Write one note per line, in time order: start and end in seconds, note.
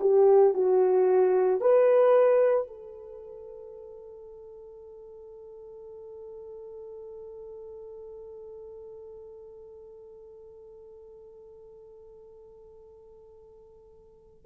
0.00 0.54 G4
0.54 1.60 F#4
1.60 2.67 B4
2.67 14.45 A4